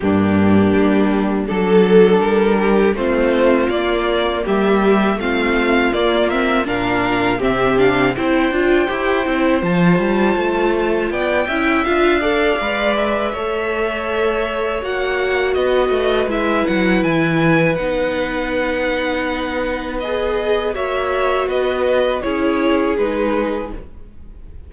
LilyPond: <<
  \new Staff \with { instrumentName = "violin" } { \time 4/4 \tempo 4 = 81 g'2 a'4 ais'4 | c''4 d''4 e''4 f''4 | d''8 e''8 f''4 e''8 f''8 g''4~ | g''4 a''2 g''4 |
f''4. e''2~ e''8 | fis''4 dis''4 e''8 fis''8 gis''4 | fis''2. dis''4 | e''4 dis''4 cis''4 b'4 | }
  \new Staff \with { instrumentName = "violin" } { \time 4/4 d'2 a'4. g'8 | f'2 g'4 f'4~ | f'4 ais'4 g'4 c''4~ | c''2. d''8 e''8~ |
e''8 d''4. cis''2~ | cis''4 b'2.~ | b'1 | cis''4 b'4 gis'2 | }
  \new Staff \with { instrumentName = "viola" } { \time 4/4 ais2 d'2 | c'4 ais2 c'4 | ais8 c'8 d'4 c'8 d'8 e'8 f'8 | g'8 e'8 f'2~ f'8 e'8 |
f'8 a'8 b'4 a'2 | fis'2 e'2 | dis'2. gis'4 | fis'2 e'4 dis'4 | }
  \new Staff \with { instrumentName = "cello" } { \time 4/4 g,4 g4 fis4 g4 | a4 ais4 g4 a4 | ais4 ais,4 c4 c'8 d'8 | e'8 c'8 f8 g8 a4 b8 cis'8 |
d'4 gis4 a2 | ais4 b8 a8 gis8 fis8 e4 | b1 | ais4 b4 cis'4 gis4 | }
>>